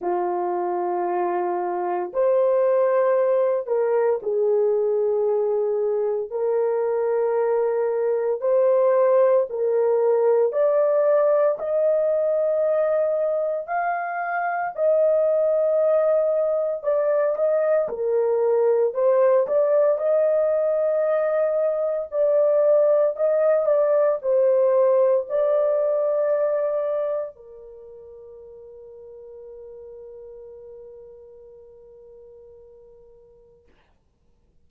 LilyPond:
\new Staff \with { instrumentName = "horn" } { \time 4/4 \tempo 4 = 57 f'2 c''4. ais'8 | gis'2 ais'2 | c''4 ais'4 d''4 dis''4~ | dis''4 f''4 dis''2 |
d''8 dis''8 ais'4 c''8 d''8 dis''4~ | dis''4 d''4 dis''8 d''8 c''4 | d''2 ais'2~ | ais'1 | }